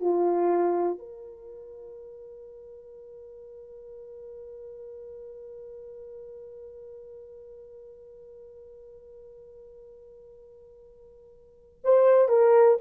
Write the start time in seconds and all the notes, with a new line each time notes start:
0.00 F4
0.98 A#4
11.84 C5
12.28 A#4